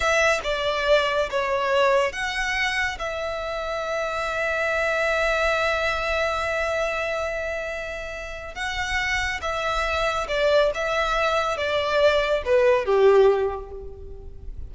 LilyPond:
\new Staff \with { instrumentName = "violin" } { \time 4/4 \tempo 4 = 140 e''4 d''2 cis''4~ | cis''4 fis''2 e''4~ | e''1~ | e''1~ |
e''1 | fis''2 e''2 | d''4 e''2 d''4~ | d''4 b'4 g'2 | }